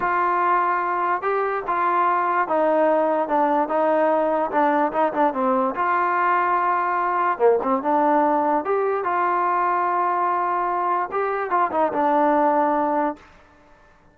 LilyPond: \new Staff \with { instrumentName = "trombone" } { \time 4/4 \tempo 4 = 146 f'2. g'4 | f'2 dis'2 | d'4 dis'2 d'4 | dis'8 d'8 c'4 f'2~ |
f'2 ais8 c'8 d'4~ | d'4 g'4 f'2~ | f'2. g'4 | f'8 dis'8 d'2. | }